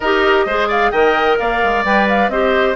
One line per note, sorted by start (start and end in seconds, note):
0.00 0.45 D#4
0.00 0.48 G4
0.00 0.45 A#4
0.00 0.68 D#5
0.45 0.91 G#3
0.45 0.94 G#4
0.45 0.67 C5
0.67 0.91 D5
0.67 0.90 F5
0.90 1.38 D#3
0.90 1.85 A#4
0.90 1.38 D#5
0.90 1.36 G5
1.38 1.63 A#3
1.38 2.31 D5
1.38 1.84 F5
1.63 1.84 G#3
1.84 2.28 G3
1.84 2.32 B4
1.84 2.08 G5
2.08 2.29 F5
2.28 2.74 C4
2.28 2.75 G4
2.28 2.75 C5
2.28 2.75 D#5